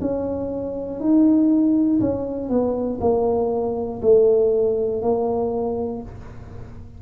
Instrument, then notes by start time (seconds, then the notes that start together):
tuba
0.00 C#4
1.00 D#4
2.00 C#4
2.49 B3
3.00 A#3
4.02 A3
5.01 A#3